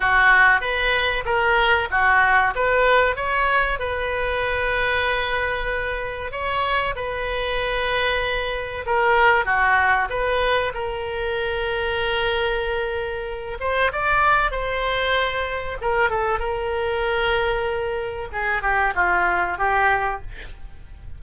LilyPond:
\new Staff \with { instrumentName = "oboe" } { \time 4/4 \tempo 4 = 95 fis'4 b'4 ais'4 fis'4 | b'4 cis''4 b'2~ | b'2 cis''4 b'4~ | b'2 ais'4 fis'4 |
b'4 ais'2.~ | ais'4. c''8 d''4 c''4~ | c''4 ais'8 a'8 ais'2~ | ais'4 gis'8 g'8 f'4 g'4 | }